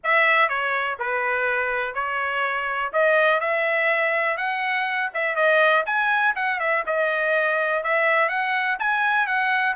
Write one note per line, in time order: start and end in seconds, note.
0.03 0.48 E5
0.48 0.97 C#5
0.99 1.94 B4
1.94 2.91 C#5
2.92 3.40 D#5
3.40 4.37 E5
4.37 5.10 F#5
5.14 5.35 E5
5.35 5.84 D#5
5.86 6.34 G#5
6.35 6.59 F#5
6.59 6.84 E5
6.86 7.83 D#5
7.83 8.28 E5
8.28 8.77 F#5
8.79 9.27 G#5
9.27 9.75 F#5